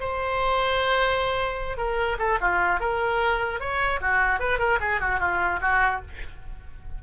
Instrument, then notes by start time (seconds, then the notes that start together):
oboe
0.00 C5
1.77 A#4
2.19 A4
2.41 F4
2.80 A#4
3.60 C#5
4.01 F#4
4.39 B4
4.59 A#4
4.80 G#4
5.00 F#4
5.19 F4
5.61 F#4